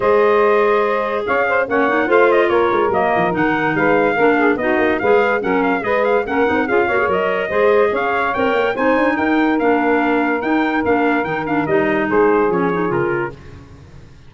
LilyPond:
<<
  \new Staff \with { instrumentName = "trumpet" } { \time 4/4 \tempo 4 = 144 dis''2. f''4 | fis''4 f''8 dis''8 cis''4 dis''4 | fis''4 f''2 dis''4 | f''4 fis''8 f''8 dis''8 f''8 fis''4 |
f''4 dis''2 f''4 | g''4 gis''4 g''4 f''4~ | f''4 g''4 f''4 g''8 f''8 | dis''4 c''4 cis''4 ais'4 | }
  \new Staff \with { instrumentName = "saxophone" } { \time 4/4 c''2. cis''8 c''8 | cis''4 c''4 ais'2~ | ais'4 b'4 ais'8 gis'8 fis'4 | b'4 ais'4 b'4 ais'4 |
gis'8 cis''4. c''4 cis''4~ | cis''4 c''4 ais'2~ | ais'1~ | ais'4 gis'2. | }
  \new Staff \with { instrumentName = "clarinet" } { \time 4/4 gis'1 | cis'8 dis'8 f'2 ais4 | dis'2 d'4 dis'4 | gis'4 cis'4 gis'4 cis'8 dis'8 |
f'8 fis'16 gis'16 ais'4 gis'2 | ais'4 dis'2 d'4~ | d'4 dis'4 d'4 dis'8 d'8 | dis'2 cis'8 dis'8 f'4 | }
  \new Staff \with { instrumentName = "tuba" } { \time 4/4 gis2. cis'4 | ais4 a4 ais8 gis8 fis8 f8 | dis4 gis4 ais4 b8 ais8 | gis4 fis4 gis4 ais8 c'8 |
cis'8 ais8 fis4 gis4 cis'4 | c'8 ais8 c'8 d'8 dis'4 ais4~ | ais4 dis'4 ais4 dis4 | g4 gis4 f4 cis4 | }
>>